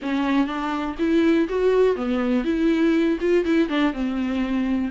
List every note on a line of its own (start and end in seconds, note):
0.01 0.46 C#4
0.46 0.95 D4
0.98 1.48 E4
1.48 1.96 F#4
1.96 2.44 B3
2.44 3.18 E4
3.20 3.44 F4
3.44 3.68 E4
3.68 3.93 D4
3.93 4.91 C4